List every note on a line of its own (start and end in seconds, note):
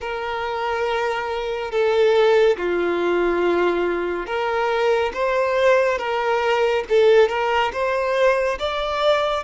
0.00 1.71 A#4
1.71 2.56 A4
2.57 4.26 F4
4.26 5.12 A#4
5.14 5.98 C5
5.98 6.84 A#4
6.89 7.29 A4
7.29 7.71 A#4
7.72 8.58 C5
8.59 9.43 D5